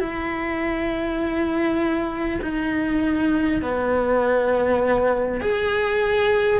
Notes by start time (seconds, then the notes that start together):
0.00 E4
2.42 D#4
3.62 B3
5.41 G#4